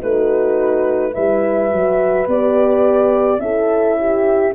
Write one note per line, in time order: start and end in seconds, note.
0.00 1.16 A3
0.00 1.13 D#4
0.00 1.13 F#4
0.00 1.14 B4
1.13 1.73 G3
1.13 1.71 E4
1.13 3.39 B4
1.13 2.27 E5
1.71 2.27 F#3
1.71 2.28 F#4
2.27 3.39 B3
2.27 3.42 G4
2.27 3.40 D5
3.39 4.52 C#4
3.39 4.53 E4
3.39 3.99 A4
3.39 4.53 E5
4.00 4.54 G4